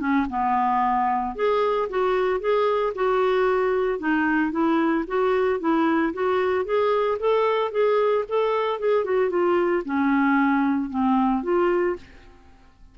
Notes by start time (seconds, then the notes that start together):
0.00 C#4
0.30 B3
1.36 G#4
1.90 F#4
2.40 G#4
2.95 F#4
3.99 D#4
4.52 E4
5.08 F#4
5.60 E4
6.14 F#4
6.65 G#4
7.19 A4
7.72 G#4
8.29 A4
8.80 G#4
9.05 F#4
9.30 F4
9.85 C#4
10.90 C4
11.43 F4